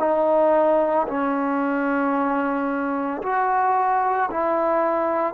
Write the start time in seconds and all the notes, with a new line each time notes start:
0.00 D#4
1.08 C#4
3.23 F#4
4.31 E4